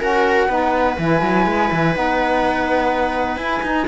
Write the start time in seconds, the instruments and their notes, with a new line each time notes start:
0.00 saxophone C#4, cello F#4, viola A#4, flute F#5
0.48 cello B3, saxophone D#4, viola B4
0.98 cello E3, saxophone E4, flute G#5
1.22 cello F#3
1.46 cello G#3
1.72 cello E3
1.94 cello B3, saxophone D#4, flute F#5
3.37 cello E4, saxophone E4, flute G#5
3.63 cello D#4, saxophone D#4